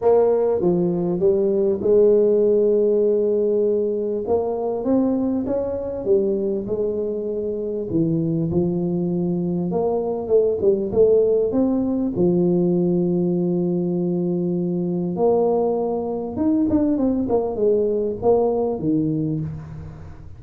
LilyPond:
\new Staff \with { instrumentName = "tuba" } { \time 4/4 \tempo 4 = 99 ais4 f4 g4 gis4~ | gis2. ais4 | c'4 cis'4 g4 gis4~ | gis4 e4 f2 |
ais4 a8 g8 a4 c'4 | f1~ | f4 ais2 dis'8 d'8 | c'8 ais8 gis4 ais4 dis4 | }